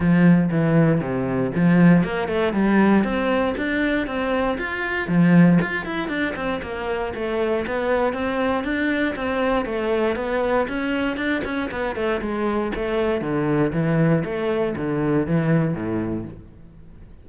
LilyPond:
\new Staff \with { instrumentName = "cello" } { \time 4/4 \tempo 4 = 118 f4 e4 c4 f4 | ais8 a8 g4 c'4 d'4 | c'4 f'4 f4 f'8 e'8 | d'8 c'8 ais4 a4 b4 |
c'4 d'4 c'4 a4 | b4 cis'4 d'8 cis'8 b8 a8 | gis4 a4 d4 e4 | a4 d4 e4 a,4 | }